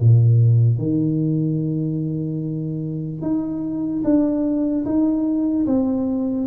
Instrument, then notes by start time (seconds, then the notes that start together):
tuba
0.00 A#2
0.79 D#3
3.22 D#4
4.04 D4
4.85 D#4
5.67 C4